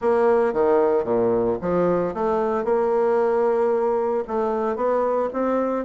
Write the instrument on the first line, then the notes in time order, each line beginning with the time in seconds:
bassoon
0.01 A#3
0.53 D#3
1.04 A#2
1.61 F3
2.14 A3
2.64 A#3
4.27 A3
4.75 B3
5.33 C4